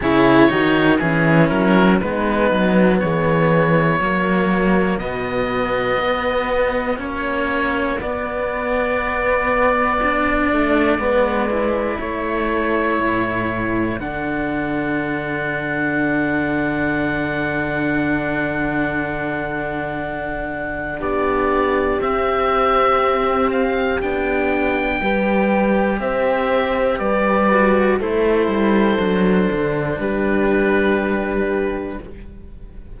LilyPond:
<<
  \new Staff \with { instrumentName = "oboe" } { \time 4/4 \tempo 4 = 60 cis''4 gis'8 ais'8 b'4 cis''4~ | cis''4 dis''2 cis''4 | d''1 | cis''2 fis''2~ |
fis''1~ | fis''4 d''4 e''4. f''8 | g''2 e''4 d''4 | c''2 b'2 | }
  \new Staff \with { instrumentName = "horn" } { \time 4/4 gis'8 fis'8 e'4 dis'4 gis'4 | fis'1~ | fis'2. b'4 | a'1~ |
a'1~ | a'4 g'2.~ | g'4 b'4 c''4 b'4 | a'2 g'2 | }
  \new Staff \with { instrumentName = "cello" } { \time 4/4 e'8 dis'8 cis'4 b2 | ais4 b2 cis'4 | b2 d'4 b8 e'8~ | e'2 d'2~ |
d'1~ | d'2 c'2 | d'4 g'2~ g'8 fis'8 | e'4 d'2. | }
  \new Staff \with { instrumentName = "cello" } { \time 4/4 cis8 dis8 e8 fis8 gis8 fis8 e4 | fis4 b,4 b4 ais4 | b2~ b8 a8 gis4 | a4 a,4 d2~ |
d1~ | d4 b4 c'2 | b4 g4 c'4 g4 | a8 g8 fis8 d8 g2 | }
>>